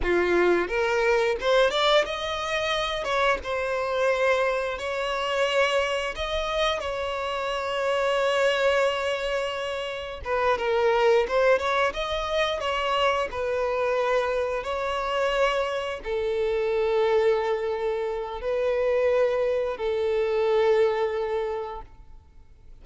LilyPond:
\new Staff \with { instrumentName = "violin" } { \time 4/4 \tempo 4 = 88 f'4 ais'4 c''8 d''8 dis''4~ | dis''8 cis''8 c''2 cis''4~ | cis''4 dis''4 cis''2~ | cis''2. b'8 ais'8~ |
ais'8 c''8 cis''8 dis''4 cis''4 b'8~ | b'4. cis''2 a'8~ | a'2. b'4~ | b'4 a'2. | }